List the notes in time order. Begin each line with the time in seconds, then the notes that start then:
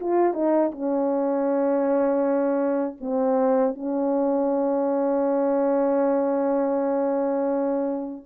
0.00 F4
0.34 D#4
0.72 C#4
3.00 C4
3.75 C#4